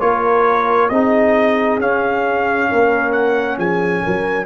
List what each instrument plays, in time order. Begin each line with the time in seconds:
0.00 tuba A#3, trombone F4, horn A#4, trumpet C#5
0.89 tuba C4, trombone D#4, horn G#4, trumpet D#5
1.79 tuba C#4, trombone C#4, trumpet F5
2.70 tuba A#3, horn A#4
3.12 trumpet F#5
3.58 tuba F3, horn G#4, trumpet G#5
4.03 tuba F#3, horn A#4